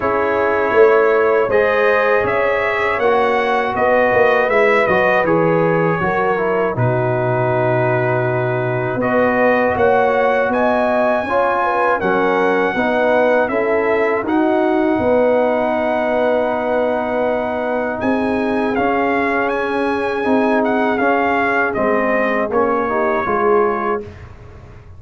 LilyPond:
<<
  \new Staff \with { instrumentName = "trumpet" } { \time 4/4 \tempo 4 = 80 cis''2 dis''4 e''4 | fis''4 dis''4 e''8 dis''8 cis''4~ | cis''4 b'2. | dis''4 fis''4 gis''2 |
fis''2 e''4 fis''4~ | fis''1 | gis''4 f''4 gis''4. fis''8 | f''4 dis''4 cis''2 | }
  \new Staff \with { instrumentName = "horn" } { \time 4/4 gis'4 cis''4 c''4 cis''4~ | cis''4 b'2. | ais'4 fis'2. | b'4 cis''4 dis''4 cis''8 b'8 |
ais'4 b'4 a'4 fis'4 | b'1 | gis'1~ | gis'2~ gis'8 g'8 gis'4 | }
  \new Staff \with { instrumentName = "trombone" } { \time 4/4 e'2 gis'2 | fis'2 e'8 fis'8 gis'4 | fis'8 e'8 dis'2. | fis'2. f'4 |
cis'4 dis'4 e'4 dis'4~ | dis'1~ | dis'4 cis'2 dis'4 | cis'4 c'4 cis'8 dis'8 f'4 | }
  \new Staff \with { instrumentName = "tuba" } { \time 4/4 cis'4 a4 gis4 cis'4 | ais4 b8 ais8 gis8 fis8 e4 | fis4 b,2. | b4 ais4 b4 cis'4 |
fis4 b4 cis'4 dis'4 | b1 | c'4 cis'2 c'4 | cis'4 gis4 ais4 gis4 | }
>>